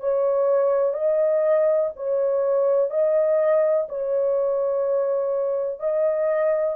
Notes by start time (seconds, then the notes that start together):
0.00 C#5
0.94 D#5
1.96 C#5
2.90 D#5
3.89 C#5
5.80 D#5